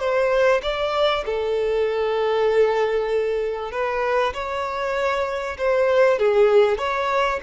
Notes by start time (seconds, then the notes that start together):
0.00 C5
0.63 D5
1.26 A4
3.72 B4
4.34 C#5
5.58 C5
6.19 G#4
6.78 C#5